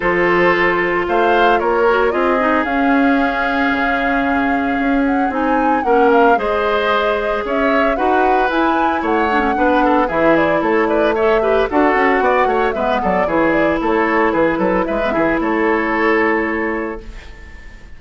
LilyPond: <<
  \new Staff \with { instrumentName = "flute" } { \time 4/4 \tempo 4 = 113 c''2 f''4 cis''4 | dis''4 f''2.~ | f''4. fis''8 gis''4 fis''8 f''8 | dis''2 e''4 fis''4 |
gis''4 fis''2 e''8 d''8 | cis''8 d''8 e''4 fis''2 | e''8 d''8 cis''8 d''8 cis''4 b'4 | e''4 cis''2. | }
  \new Staff \with { instrumentName = "oboe" } { \time 4/4 a'2 c''4 ais'4 | gis'1~ | gis'2. ais'4 | c''2 cis''4 b'4~ |
b'4 cis''4 b'8 a'8 gis'4 | a'8 b'8 cis''8 b'8 a'4 d''8 cis''8 | b'8 a'8 gis'4 a'4 gis'8 a'8 | b'8 gis'8 a'2. | }
  \new Staff \with { instrumentName = "clarinet" } { \time 4/4 f'2.~ f'8 fis'8 | f'8 dis'8 cis'2.~ | cis'2 dis'4 cis'4 | gis'2. fis'4 |
e'4. d'16 cis'16 d'4 e'4~ | e'4 a'8 g'8 fis'2 | b4 e'2.~ | e'16 b16 e'2.~ e'8 | }
  \new Staff \with { instrumentName = "bassoon" } { \time 4/4 f2 a4 ais4 | c'4 cis'2 cis4~ | cis4 cis'4 c'4 ais4 | gis2 cis'4 dis'4 |
e'4 a4 b4 e4 | a2 d'8 cis'8 b8 a8 | gis8 fis8 e4 a4 e8 fis8 | gis8 e8 a2. | }
>>